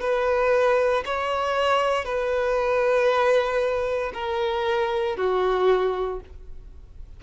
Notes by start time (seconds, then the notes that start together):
0.00 B4
1.05 C#5
2.05 B4
4.14 A#4
5.17 F#4